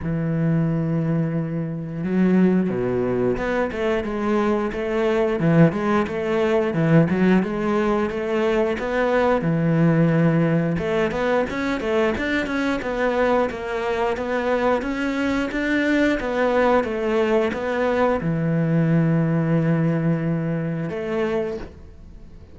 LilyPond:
\new Staff \with { instrumentName = "cello" } { \time 4/4 \tempo 4 = 89 e2. fis4 | b,4 b8 a8 gis4 a4 | e8 gis8 a4 e8 fis8 gis4 | a4 b4 e2 |
a8 b8 cis'8 a8 d'8 cis'8 b4 | ais4 b4 cis'4 d'4 | b4 a4 b4 e4~ | e2. a4 | }